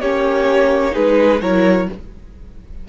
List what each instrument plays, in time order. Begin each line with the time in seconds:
0.00 cello A#3, viola C#4, violin G4 C#5
0.91 cello G#3, viola D#4, violin G#4 B4
1.41 cello F#3, viola E4, violin A#4 C#5